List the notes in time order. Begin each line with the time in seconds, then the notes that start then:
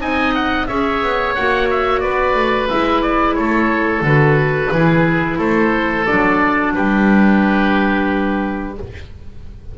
0.00 C4 D#4 D#5 G#5
0.35 F#5
0.67 C#4 G#4 C#5 E5
1.03 B3
1.36 A#3 F#4 F#5
1.71 E5
2.01 B3 B4 D5
2.35 A3
2.70 G#3 E4 E5
3.03 D5
3.35 A3 A4 C#5
4.02 D3 F#4 B4
4.72 E3 E4 G#4
5.39 A3 A4 C5
6.06 F#3 D4 D5
6.75 G3 G4 B4